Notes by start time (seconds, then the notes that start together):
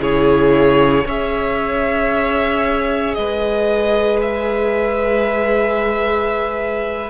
0.00 C#3 E4 G#4 C#5
1.05 C#4 G#4 C#5 E5
3.14 G#3 B4 D#5
4.22 E5